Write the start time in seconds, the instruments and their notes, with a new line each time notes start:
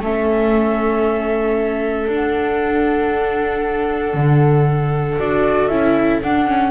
0.00 double bass A3, viola C#4 A4, flute E5
2.08 double bass D4, viola D4, flute F#5
4.14 double bass D3
5.19 double bass D4, viola F#4, flute D5
5.68 double bass C#4, viola E4, flute E5
6.22 double bass D4, viola D4, flute F#5
6.47 viola C#4